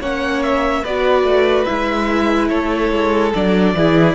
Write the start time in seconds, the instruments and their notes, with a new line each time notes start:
0.00 cello A#3, viola C#4, violin C#5 F#5
0.42 violin E5
0.82 cello B3, viola F#4, violin B4 D5
1.23 cello A3
1.64 cello G#3, viola E4, violin E5
2.48 cello A3, violin A4 C#5
2.92 cello G#3
3.34 cello F#3, viola D4, violin D5
3.73 cello E3, viola E4, violin G#4